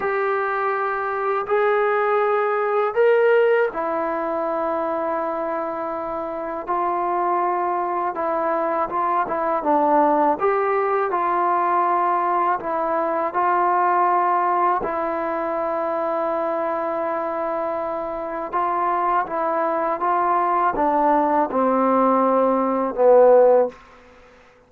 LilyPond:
\new Staff \with { instrumentName = "trombone" } { \time 4/4 \tempo 4 = 81 g'2 gis'2 | ais'4 e'2.~ | e'4 f'2 e'4 | f'8 e'8 d'4 g'4 f'4~ |
f'4 e'4 f'2 | e'1~ | e'4 f'4 e'4 f'4 | d'4 c'2 b4 | }